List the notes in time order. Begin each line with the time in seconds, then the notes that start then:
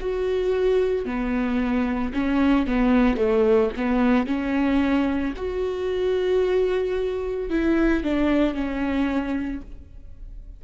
0.00 F#4
1.05 B3
2.13 C#4
2.66 B3
3.17 A3
3.76 B3
4.27 C#4
5.36 F#4
7.50 E4
8.03 D4
8.54 C#4